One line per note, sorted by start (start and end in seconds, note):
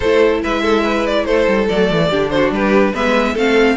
0.00 0.44 A3
0.00 1.69 E4
0.00 0.42 A4
0.00 0.41 C5
0.42 1.25 G#3
0.42 0.62 B4
0.42 1.06 E5
0.62 0.83 A4
0.83 1.25 B4
1.06 1.25 D5
1.25 1.46 A3
1.25 2.09 A4
1.25 1.67 C5
1.47 1.68 G3
1.69 1.90 F#3
1.69 2.11 A3
1.69 2.29 D5
1.90 2.11 E3
2.09 2.51 D3
2.09 2.94 D4
2.09 2.30 G4
2.29 2.54 F#4
2.29 2.50 C5
2.51 2.92 G3
2.51 2.93 G4
2.51 2.95 B4
2.93 3.35 G#3
2.93 3.35 B3
2.93 3.33 B4
2.93 3.37 E5
3.33 3.76 A3
3.33 3.76 C4
3.33 3.75 A4
3.33 3.76 F5